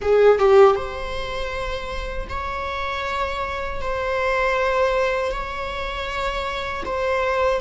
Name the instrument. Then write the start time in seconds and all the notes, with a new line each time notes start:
viola
0.01 G#4
0.38 G4
0.75 C5
2.29 C#5
3.81 C5
5.31 C#5
6.85 C5